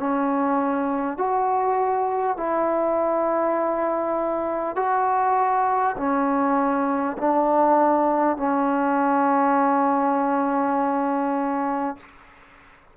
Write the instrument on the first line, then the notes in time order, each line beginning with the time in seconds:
trombone
0.00 C#4
1.18 F#4
2.37 E4
4.76 F#4
5.97 C#4
7.18 D4
8.38 C#4